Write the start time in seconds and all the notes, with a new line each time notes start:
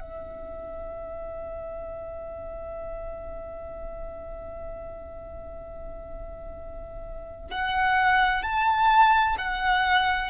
0.00 E5
7.50 F#5
8.42 A5
9.37 F#5